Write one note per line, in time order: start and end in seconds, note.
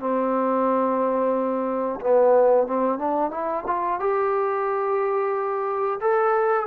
0.00 2.00 C4
2.01 2.68 B3
2.68 2.99 C4
2.99 3.31 D4
3.31 3.64 E4
3.67 4.00 F4
4.00 6.00 G4
6.01 6.67 A4